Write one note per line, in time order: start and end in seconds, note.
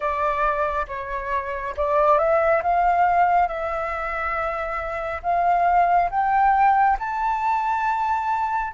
0.00 0.86 D5
0.87 1.74 C#5
1.76 2.18 D5
2.18 2.62 E5
2.62 3.47 F5
3.47 5.21 E5
5.23 6.09 F5
6.10 6.97 G5
6.99 8.73 A5